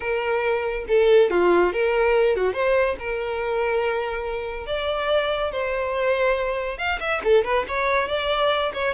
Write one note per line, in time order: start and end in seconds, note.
0.00 0.85 A#4
0.87 1.30 A4
1.30 1.72 F4
1.73 2.36 A#4
2.36 2.53 F#4
2.53 2.96 C5
2.99 4.66 A#4
4.66 5.51 D5
5.51 6.78 C5
6.78 6.99 F5
7.00 7.21 E5
7.24 7.44 A4
7.44 7.65 B4
7.68 8.08 C#5
8.08 8.72 D5
8.73 8.94 C#5